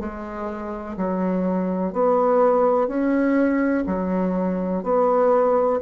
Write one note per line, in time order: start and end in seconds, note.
0.00 0.97 G#3
0.97 1.93 F#3
1.93 2.88 B3
2.88 3.84 C#4
3.87 4.83 F#3
4.83 5.80 B3